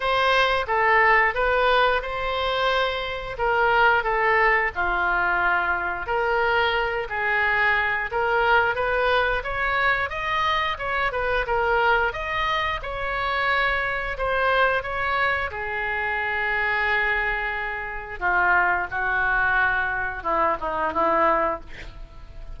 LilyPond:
\new Staff \with { instrumentName = "oboe" } { \time 4/4 \tempo 4 = 89 c''4 a'4 b'4 c''4~ | c''4 ais'4 a'4 f'4~ | f'4 ais'4. gis'4. | ais'4 b'4 cis''4 dis''4 |
cis''8 b'8 ais'4 dis''4 cis''4~ | cis''4 c''4 cis''4 gis'4~ | gis'2. f'4 | fis'2 e'8 dis'8 e'4 | }